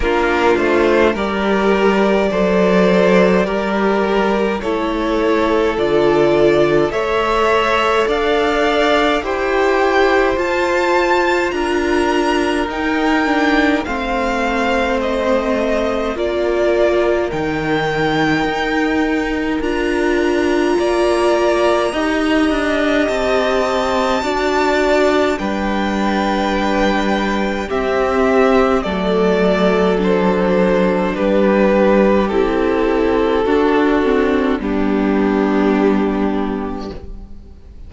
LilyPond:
<<
  \new Staff \with { instrumentName = "violin" } { \time 4/4 \tempo 4 = 52 ais'8 c''8 d''2. | cis''4 d''4 e''4 f''4 | g''4 a''4 ais''4 g''4 | f''4 dis''4 d''4 g''4~ |
g''4 ais''2. | a''2 g''2 | e''4 d''4 c''4 b'4 | a'2 g'2 | }
  \new Staff \with { instrumentName = "violin" } { \time 4/4 f'4 ais'4 c''4 ais'4 | a'2 cis''4 d''4 | c''2 ais'2 | c''2 ais'2~ |
ais'2 d''4 dis''4~ | dis''4 d''4 b'2 | g'4 a'2 g'4~ | g'4 fis'4 d'2 | }
  \new Staff \with { instrumentName = "viola" } { \time 4/4 d'4 g'4 a'4 g'4 | e'4 f'4 a'2 | g'4 f'2 dis'8 d'8 | c'2 f'4 dis'4~ |
dis'4 f'2 g'4~ | g'4 fis'4 d'2 | c'4 a4 d'2 | e'4 d'8 c'8 b2 | }
  \new Staff \with { instrumentName = "cello" } { \time 4/4 ais8 a8 g4 fis4 g4 | a4 d4 a4 d'4 | e'4 f'4 d'4 dis'4 | a2 ais4 dis4 |
dis'4 d'4 ais4 dis'8 d'8 | c'4 d'4 g2 | c'4 fis2 g4 | c'4 d'4 g2 | }
>>